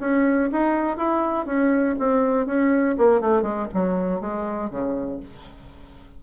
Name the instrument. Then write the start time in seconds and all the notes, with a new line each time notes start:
bassoon
0.00 C#4
0.52 D#4
0.97 E4
1.46 C#4
1.99 C4
2.46 C#4
2.98 A#3
3.21 A3
3.42 G#3
3.74 F#3
4.20 G#3
4.70 C#3